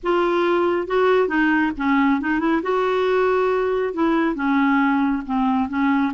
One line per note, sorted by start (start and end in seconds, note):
0.03 0.87 F4
0.87 1.28 F#4
1.28 1.71 D#4
1.77 2.20 C#4
2.20 2.39 D#4
2.39 2.61 E4
2.62 3.93 F#4
3.93 4.35 E4
4.35 5.22 C#4
5.26 5.68 C4
5.68 6.12 C#4